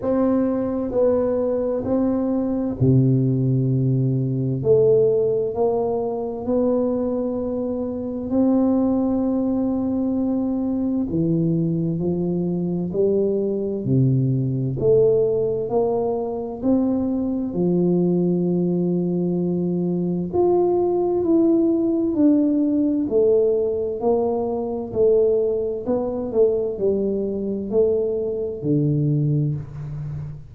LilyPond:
\new Staff \with { instrumentName = "tuba" } { \time 4/4 \tempo 4 = 65 c'4 b4 c'4 c4~ | c4 a4 ais4 b4~ | b4 c'2. | e4 f4 g4 c4 |
a4 ais4 c'4 f4~ | f2 f'4 e'4 | d'4 a4 ais4 a4 | b8 a8 g4 a4 d4 | }